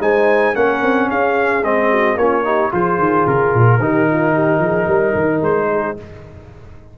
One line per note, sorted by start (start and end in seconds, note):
0.00 0.54 G#3
0.00 0.54 D#4
0.00 0.55 C5
0.00 0.55 G#5
0.54 0.82 A#3
0.54 1.62 C#4
0.54 1.09 A#4
0.54 1.09 F#5
0.82 1.09 C4
1.09 1.63 C#4
1.09 1.90 G#4
1.09 1.64 F5
1.63 2.16 G#3
1.63 2.18 C4
1.63 2.17 D#5
1.90 2.17 F#4
2.16 2.70 A#3
2.16 2.44 C#4
2.16 2.44 F4
2.16 2.72 C#5
2.44 2.71 D#4
2.44 2.72 G4
2.71 2.98 F3
2.71 3.79 F4
2.71 3.81 G#4
2.71 3.27 C5
2.98 3.25 D#3
3.26 3.53 C#3
3.26 5.43 A#4
3.54 3.79 A#2
3.79 4.59 D#3
3.79 5.97 D#4
3.79 4.09 G4
4.09 4.34 F4
4.34 4.61 G4
4.59 4.86 F3
4.59 4.87 G#4
4.87 5.14 G3
4.87 5.68 A#4
5.15 5.41 D#3
5.41 5.95 G#3
5.41 5.97 C5
5.71 5.98 G#4